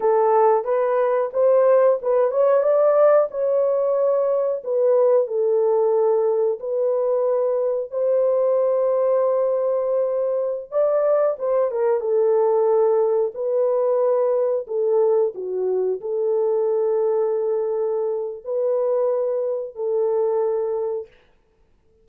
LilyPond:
\new Staff \with { instrumentName = "horn" } { \time 4/4 \tempo 4 = 91 a'4 b'4 c''4 b'8 cis''8 | d''4 cis''2 b'4 | a'2 b'2 | c''1~ |
c''16 d''4 c''8 ais'8 a'4.~ a'16~ | a'16 b'2 a'4 fis'8.~ | fis'16 a'2.~ a'8. | b'2 a'2 | }